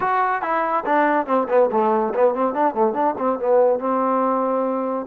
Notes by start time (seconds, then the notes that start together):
0.00 F#4
0.41 E4
0.85 D4
1.26 C4
1.48 B3
1.71 A3
2.14 B3
2.34 C4
2.54 D4
2.74 A3
2.93 D4
3.17 C4
3.39 B3
3.79 C4